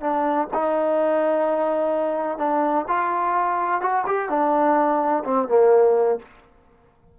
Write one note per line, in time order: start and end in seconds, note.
0.00 0.47 D4
0.53 2.38 D#4
2.38 2.85 D4
2.88 3.81 F4
3.81 4.04 F#4
4.06 4.29 G4
4.29 5.23 D4
5.24 5.47 C4
5.47 6.18 A#3